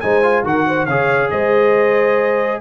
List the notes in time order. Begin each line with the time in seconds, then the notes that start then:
0.00 G#3 D#4 C5 G#5
0.23 F4
0.45 D#3 F#4 A#4 F#5
0.67 C5
0.86 C#3 G#4 C#5 F5
1.31 G#3 C5 D#5